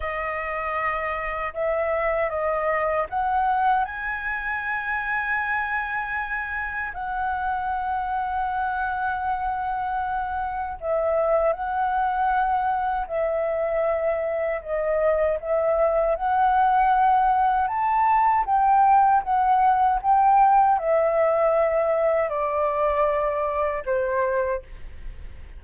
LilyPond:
\new Staff \with { instrumentName = "flute" } { \time 4/4 \tempo 4 = 78 dis''2 e''4 dis''4 | fis''4 gis''2.~ | gis''4 fis''2.~ | fis''2 e''4 fis''4~ |
fis''4 e''2 dis''4 | e''4 fis''2 a''4 | g''4 fis''4 g''4 e''4~ | e''4 d''2 c''4 | }